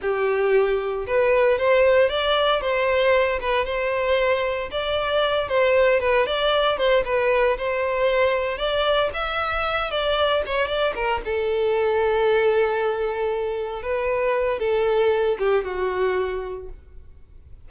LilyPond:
\new Staff \with { instrumentName = "violin" } { \time 4/4 \tempo 4 = 115 g'2 b'4 c''4 | d''4 c''4. b'8 c''4~ | c''4 d''4. c''4 b'8 | d''4 c''8 b'4 c''4.~ |
c''8 d''4 e''4. d''4 | cis''8 d''8 ais'8 a'2~ a'8~ | a'2~ a'8 b'4. | a'4. g'8 fis'2 | }